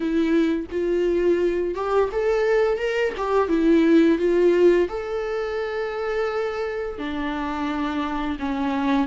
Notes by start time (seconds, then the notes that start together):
0.00 E4
0.71 F4
1.74 G4
2.12 A4
2.77 A#4
3.17 G4
3.48 E4
4.18 F4
4.88 A4
6.98 D4
8.39 C#4